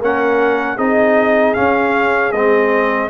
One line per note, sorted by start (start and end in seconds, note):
0.00 0.78 A#3
0.00 0.78 C#4
0.00 0.76 A#4
0.00 0.78 F#5
0.76 1.56 C4
0.76 1.56 D#4
0.76 3.10 G#4
0.76 1.54 D#5
1.54 2.34 C#4
1.54 2.33 C#4
1.54 2.32 F5
2.32 3.10 G#3
2.32 3.10 C4
2.32 3.10 D#5